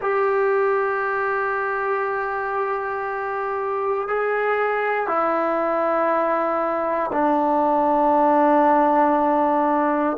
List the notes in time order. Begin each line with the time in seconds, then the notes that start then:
0.01 G4
4.08 G#4
5.07 E4
7.12 D4